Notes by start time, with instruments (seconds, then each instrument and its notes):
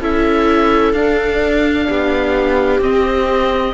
0.00 cello C#4, viola E4 A4, oboe E5
0.93 cello D4, viola D4, oboe F5
1.87 cello B3, viola G4
2.79 cello C4, viola C4, oboe D#5